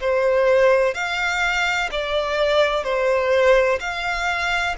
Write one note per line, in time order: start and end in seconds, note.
0.00 0.94 C5
0.94 1.89 F5
1.91 2.84 D5
2.84 3.79 C5
3.80 4.75 F5